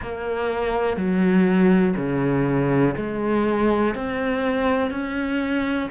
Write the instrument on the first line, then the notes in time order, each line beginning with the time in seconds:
cello
0.02 A#3
0.97 F#3
1.97 C#3
2.96 G#3
3.94 C4
4.90 C#4